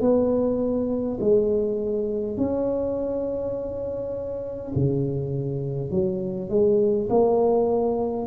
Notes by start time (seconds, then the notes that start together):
0.00 B3
1.20 G#3
2.37 C#4
4.75 C#3
5.90 F#3
6.49 G#3
7.09 A#3